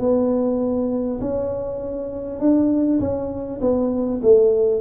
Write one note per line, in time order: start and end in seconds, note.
0.00 1.20 B3
1.21 2.40 C#4
2.40 3.00 D4
3.01 3.61 C#4
3.61 4.21 B3
4.22 4.81 A3